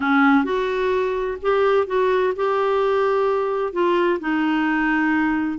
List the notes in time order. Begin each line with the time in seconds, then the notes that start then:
0.00 C#4
0.44 F#4
1.42 G4
1.86 F#4
2.36 G4
3.72 F4
4.19 D#4